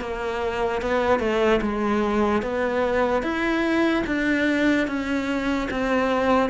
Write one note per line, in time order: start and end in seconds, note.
0.00 0.81 A#3
0.81 1.19 B3
1.19 1.60 A3
1.61 2.42 G#3
2.42 3.22 B3
3.22 4.03 E4
4.06 4.87 D4
4.87 5.68 C#4
5.70 6.49 C4